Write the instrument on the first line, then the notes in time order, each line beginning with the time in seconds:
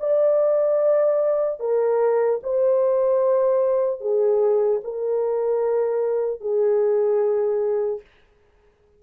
horn
0.00 D5
1.60 A#4
2.44 C5
4.01 G#4
4.84 A#4
6.41 G#4